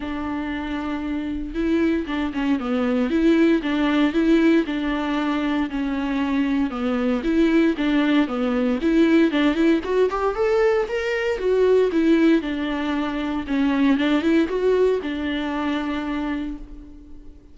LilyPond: \new Staff \with { instrumentName = "viola" } { \time 4/4 \tempo 4 = 116 d'2. e'4 | d'8 cis'8 b4 e'4 d'4 | e'4 d'2 cis'4~ | cis'4 b4 e'4 d'4 |
b4 e'4 d'8 e'8 fis'8 g'8 | a'4 ais'4 fis'4 e'4 | d'2 cis'4 d'8 e'8 | fis'4 d'2. | }